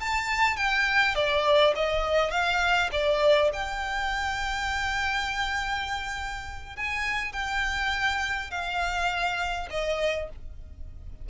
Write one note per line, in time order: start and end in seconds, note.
0.00 0.57 A5
0.57 1.15 G5
1.15 1.74 D5
1.75 2.31 D#5
2.31 2.90 F5
2.92 3.51 D5
3.53 6.76 G5
6.76 7.33 G#5
7.33 8.51 G5
8.51 9.68 F5
9.71 10.29 D#5